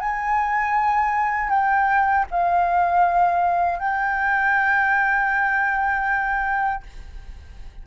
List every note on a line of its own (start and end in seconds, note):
0.00 1.50 G#5
1.50 2.26 G5
2.31 3.79 F5
3.79 6.83 G5